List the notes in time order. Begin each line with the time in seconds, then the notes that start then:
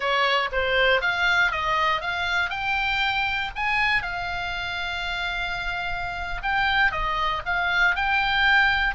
0.00 C#5
0.52 C5
1.01 F5
1.51 D#5
2.01 F5
2.50 G5
3.55 G#5
4.02 F5
6.42 G5
6.91 D#5
7.45 F5
7.95 G5